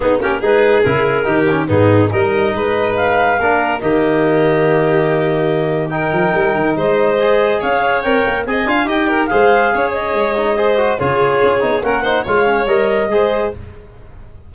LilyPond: <<
  \new Staff \with { instrumentName = "clarinet" } { \time 4/4 \tempo 4 = 142 gis'8 ais'8 b'4 ais'2 | gis'4 dis''2 f''4~ | f''4 dis''2.~ | dis''2 g''2 |
dis''2 f''4 g''4 | gis''4 g''4 f''4. dis''8~ | dis''2 cis''2 | fis''4 f''4 dis''2 | }
  \new Staff \with { instrumentName = "violin" } { \time 4/4 dis'8 g'8 gis'2 g'4 | dis'4 ais'4 b'2 | ais'4 g'2.~ | g'2 ais'2 |
c''2 cis''2 | dis''8 f''8 dis''8 ais'8 c''4 cis''4~ | cis''4 c''4 gis'2 | ais'8 c''8 cis''2 c''4 | }
  \new Staff \with { instrumentName = "trombone" } { \time 4/4 b8 cis'8 dis'4 e'4 dis'8 cis'8 | b4 dis'2. | d'4 ais2.~ | ais2 dis'2~ |
dis'4 gis'2 ais'4 | gis'8 f'8 g'4 gis'2~ | gis'8 dis'8 gis'8 fis'8 f'4. dis'8 | cis'8 dis'8 f'8 cis'8 ais'4 gis'4 | }
  \new Staff \with { instrumentName = "tuba" } { \time 4/4 b8 ais8 gis4 cis4 dis4 | gis,4 g4 gis2 | ais4 dis2.~ | dis2~ dis8 f8 g8 dis8 |
gis2 cis'4 c'8 ais8 | c'8 d'8 dis'4 gis4 cis'4 | gis2 cis4 cis'8 b8 | ais4 gis4 g4 gis4 | }
>>